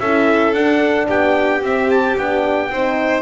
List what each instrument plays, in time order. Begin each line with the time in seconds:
0.00 double bass C#4, horn E4, violin A4, trumpet E5
0.53 double bass D4, horn D4, trumpet F#5
1.08 double bass B3, violin G4, trumpet G5
1.62 double bass C4, horn C4, trumpet E5
1.91 trumpet A5
2.17 double bass B3, horn D4, trumpet G5
2.70 double bass C4, horn D#4, violin C5